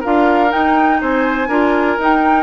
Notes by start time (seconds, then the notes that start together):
0.00 D4 F4 A#4 F5
0.49 D#4 G5
1.01 C4 C5 G#5
1.48 D4 F4 A#4
1.98 D#4 G5